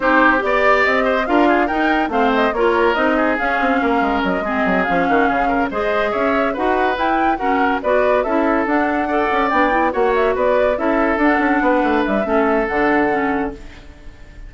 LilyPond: <<
  \new Staff \with { instrumentName = "flute" } { \time 4/4 \tempo 4 = 142 c''4 d''4 dis''4 f''4 | g''4 f''8 dis''8 cis''4 dis''4 | f''2 dis''4. f''8~ | f''4. dis''4 e''4 fis''8~ |
fis''8 g''4 fis''4 d''4 e''8~ | e''8 fis''2 g''4 fis''8 | e''8 d''4 e''4 fis''4.~ | fis''8 e''4. fis''2 | }
  \new Staff \with { instrumentName = "oboe" } { \time 4/4 g'4 d''4. c''8 ais'8 gis'8 | ais'4 c''4 ais'4. gis'8~ | gis'4 ais'4. gis'4. | fis'8 gis'8 ais'8 c''4 cis''4 b'8~ |
b'4. ais'4 b'4 a'8~ | a'4. d''2 cis''8~ | cis''8 b'4 a'2 b'8~ | b'4 a'2. | }
  \new Staff \with { instrumentName = "clarinet" } { \time 4/4 dis'4 g'2 f'4 | dis'4 c'4 f'4 dis'4 | cis'2~ cis'8 c'4 cis'8~ | cis'4. gis'2 fis'8~ |
fis'8 e'4 cis'4 fis'4 e'8~ | e'8 d'4 a'4 d'8 e'8 fis'8~ | fis'4. e'4 d'4.~ | d'4 cis'4 d'4 cis'4 | }
  \new Staff \with { instrumentName = "bassoon" } { \time 4/4 c'4 b4 c'4 d'4 | dis'4 a4 ais4 c'4 | cis'8 c'8 ais8 gis8 fis8 gis8 fis8 f8 | dis8 cis4 gis4 cis'4 dis'8~ |
dis'8 e'4 fis'4 b4 cis'8~ | cis'8 d'4. cis'8 b4 ais8~ | ais8 b4 cis'4 d'8 cis'8 b8 | a8 g8 a4 d2 | }
>>